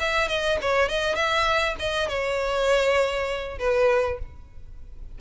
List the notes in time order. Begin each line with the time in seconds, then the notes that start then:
0.00 E5
0.29 D#5
0.62 C#5
0.89 D#5
1.15 E5
1.80 D#5
2.09 C#5
3.59 B4